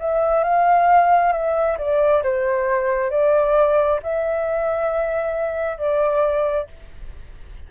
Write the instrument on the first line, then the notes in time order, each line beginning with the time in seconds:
flute
0.00 E5
0.44 F5
1.33 E5
1.78 D5
2.23 C5
3.11 D5
4.03 E5
5.78 D5